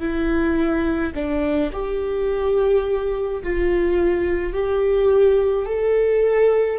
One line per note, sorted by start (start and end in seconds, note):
0.00 1.13 E4
1.15 1.72 D4
1.73 3.43 G4
3.44 4.53 F4
4.53 5.66 G4
5.66 6.79 A4